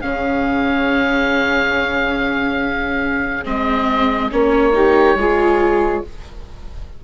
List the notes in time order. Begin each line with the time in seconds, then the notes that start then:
0.00 C#3 C#4 G#4 F5
3.44 G#3 C4 D#5
4.31 A#3 C#4 C#5
4.72 D#4 G4
5.15 G#3 F4 G#4